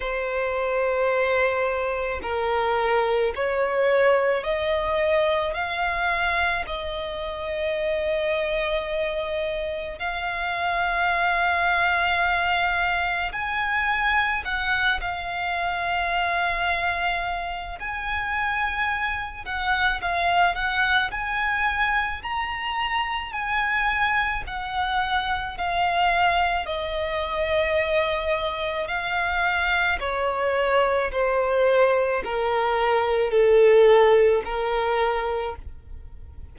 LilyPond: \new Staff \with { instrumentName = "violin" } { \time 4/4 \tempo 4 = 54 c''2 ais'4 cis''4 | dis''4 f''4 dis''2~ | dis''4 f''2. | gis''4 fis''8 f''2~ f''8 |
gis''4. fis''8 f''8 fis''8 gis''4 | ais''4 gis''4 fis''4 f''4 | dis''2 f''4 cis''4 | c''4 ais'4 a'4 ais'4 | }